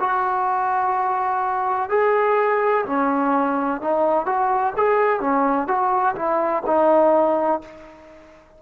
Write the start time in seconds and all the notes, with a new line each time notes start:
0.00 F#4
1.90 G#4
2.87 C#4
3.81 D#4
4.26 F#4
4.77 G#4
5.21 C#4
5.68 F#4
6.16 E4
6.67 D#4